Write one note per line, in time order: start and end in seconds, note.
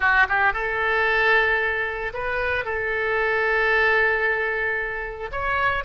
0.00 0.27 F#4
0.28 0.53 G4
0.53 2.12 A4
2.13 2.65 B4
2.65 5.30 A4
5.31 5.84 C#5